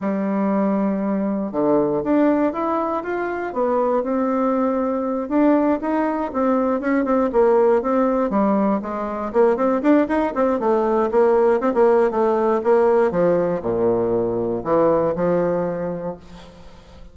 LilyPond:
\new Staff \with { instrumentName = "bassoon" } { \time 4/4 \tempo 4 = 119 g2. d4 | d'4 e'4 f'4 b4 | c'2~ c'8 d'4 dis'8~ | dis'8 c'4 cis'8 c'8 ais4 c'8~ |
c'8 g4 gis4 ais8 c'8 d'8 | dis'8 c'8 a4 ais4 c'16 ais8. | a4 ais4 f4 ais,4~ | ais,4 e4 f2 | }